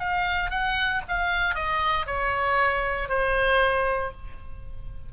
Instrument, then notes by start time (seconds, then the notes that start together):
oboe
0.00 F5
0.51 F#5
1.09 F5
1.55 D#5
2.07 C#5
3.09 C5